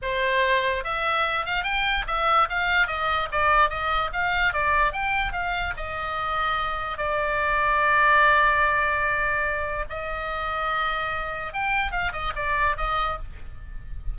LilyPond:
\new Staff \with { instrumentName = "oboe" } { \time 4/4 \tempo 4 = 146 c''2 e''4. f''8 | g''4 e''4 f''4 dis''4 | d''4 dis''4 f''4 d''4 | g''4 f''4 dis''2~ |
dis''4 d''2.~ | d''1 | dis''1 | g''4 f''8 dis''8 d''4 dis''4 | }